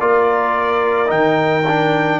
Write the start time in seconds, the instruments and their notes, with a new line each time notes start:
0.00 tuba A#3, trombone F4, horn A#4, trumpet D5
1.06 tuba D#3, trombone D#4, trumpet G5
1.68 trombone D4